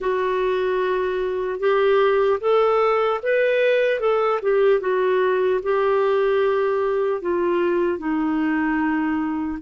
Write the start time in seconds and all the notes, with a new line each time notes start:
0.00 F#4
1.59 G4
2.40 A4
3.22 B4
4.00 A4
4.42 G4
4.80 F#4
5.62 G4
7.21 F4
7.98 D#4